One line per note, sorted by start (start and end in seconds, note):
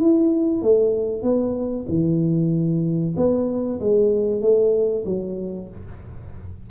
0.00 0.62 E4
0.62 1.23 A3
1.23 1.86 B3
1.89 3.15 E3
3.17 3.80 B3
3.80 4.42 G#3
4.42 5.05 A3
5.06 5.69 F#3